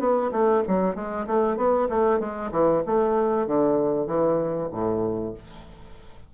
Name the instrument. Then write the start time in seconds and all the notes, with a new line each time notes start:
bassoon
0.00 B3
0.32 A3
0.68 F#3
0.95 G#3
1.27 A3
1.57 B3
1.89 A3
2.20 G#3
2.52 E3
2.87 A3
3.47 D3
4.07 E3
4.72 A2